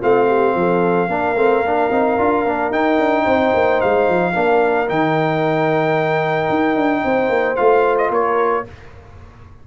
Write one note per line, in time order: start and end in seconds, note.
0.00 0.55 A3
0.00 1.09 C4
0.00 0.27 F4
0.00 2.73 F5
0.27 0.54 G4
0.55 1.09 F3
0.55 1.10 A4
1.09 1.36 A#3
1.09 1.36 D4
1.09 3.24 A#4
1.36 1.62 A3
1.36 1.64 C4
1.62 1.89 A#3
1.62 1.92 D4
1.91 2.18 C4
1.91 2.19 D#4
2.19 2.46 D4
2.19 2.46 F4
2.46 2.71 A#3
2.46 2.72 D4
2.71 2.98 D#4
2.71 4.33 D#4
2.71 3.81 G5
2.99 3.26 D4
3.24 3.54 C4
3.24 4.32 C5
3.54 3.81 A#3
3.81 4.08 G#3
3.81 4.89 F5
4.08 4.35 F3
4.33 4.90 A#3
4.33 4.87 D4
4.33 7.03 A#4
4.88 6.50 D#3
4.88 7.57 D#4
4.88 7.56 G5
6.50 6.76 D#4
6.76 7.03 D4
7.05 7.29 C4
7.05 8.12 C5
7.29 7.56 A#3
7.56 8.10 A3
7.56 8.65 F4
7.56 7.97 F5
7.98 8.11 D#5
8.10 8.64 A#3
8.10 8.66 A#4
8.10 8.67 C#5